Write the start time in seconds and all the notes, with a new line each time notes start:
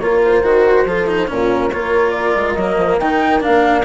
0.00 A#3 F4 A#4 C#5
0.25 C5
0.43 D#3 F#4
0.86 F3 F4 A4
1.07 D#4
1.28 A#2 C#4 F4 A#4
1.71 A#3 F4 A#4 C#5
2.11 D5
2.35 G#3
2.54 F#3 A#3 D#5
2.77 F3
2.99 D#3 D#4 G5
3.41 D4 F5
3.47 A#3